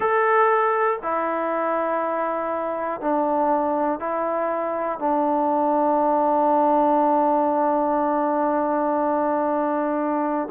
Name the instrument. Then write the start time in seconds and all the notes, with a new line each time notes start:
trombone
0.00 A4
1.02 E4
3.00 D4
4.00 E4
4.99 D4